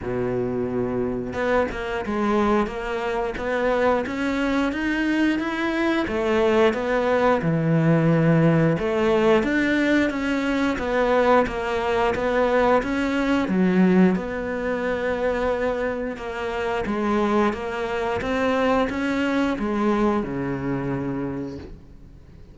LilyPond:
\new Staff \with { instrumentName = "cello" } { \time 4/4 \tempo 4 = 89 b,2 b8 ais8 gis4 | ais4 b4 cis'4 dis'4 | e'4 a4 b4 e4~ | e4 a4 d'4 cis'4 |
b4 ais4 b4 cis'4 | fis4 b2. | ais4 gis4 ais4 c'4 | cis'4 gis4 cis2 | }